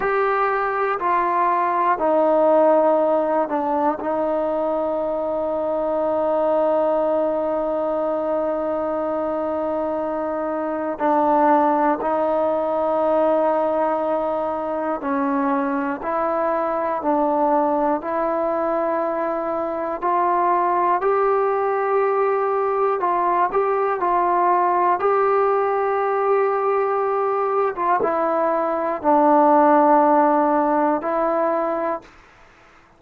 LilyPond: \new Staff \with { instrumentName = "trombone" } { \time 4/4 \tempo 4 = 60 g'4 f'4 dis'4. d'8 | dis'1~ | dis'2. d'4 | dis'2. cis'4 |
e'4 d'4 e'2 | f'4 g'2 f'8 g'8 | f'4 g'2~ g'8. f'16 | e'4 d'2 e'4 | }